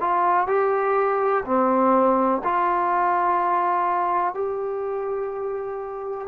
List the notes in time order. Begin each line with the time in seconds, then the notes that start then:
0.00 F4
0.47 G4
1.44 C4
2.44 F4
4.34 G4